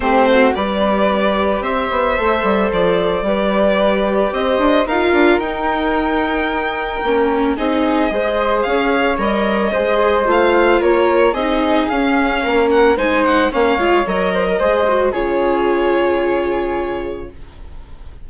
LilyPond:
<<
  \new Staff \with { instrumentName = "violin" } { \time 4/4 \tempo 4 = 111 c''4 d''2 e''4~ | e''4 d''2. | dis''4 f''4 g''2~ | g''2 dis''2 |
f''4 dis''2 f''4 | cis''4 dis''4 f''4. fis''8 | gis''8 fis''8 f''4 dis''2 | cis''1 | }
  \new Staff \with { instrumentName = "flute" } { \time 4/4 g'8 fis'8 b'2 c''4~ | c''2 b'2 | c''4 ais'2.~ | ais'2 gis'4 c''4 |
cis''2 c''2 | ais'4 gis'2 ais'4 | c''4 cis''4. c''16 ais'16 c''4 | gis'1 | }
  \new Staff \with { instrumentName = "viola" } { \time 4/4 c'4 g'2. | a'2 g'2~ | g'4 f'4 dis'2~ | dis'4 cis'4 dis'4 gis'4~ |
gis'4 ais'4 gis'4 f'4~ | f'4 dis'4 cis'2 | dis'4 cis'8 f'8 ais'4 gis'8 fis'8 | f'1 | }
  \new Staff \with { instrumentName = "bassoon" } { \time 4/4 a4 g2 c'8 b8 | a8 g8 f4 g2 | c'8 d'8 dis'8 d'8 dis'2~ | dis'4 ais4 c'4 gis4 |
cis'4 g4 gis4 a4 | ais4 c'4 cis'4 ais4 | gis4 ais8 gis8 fis4 gis4 | cis1 | }
>>